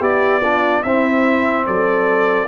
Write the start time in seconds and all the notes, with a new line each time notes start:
0.00 B3 E4 G4 D5
0.41 D4 F4
0.83 C4 E4 E5
1.66 F#3 A4 D5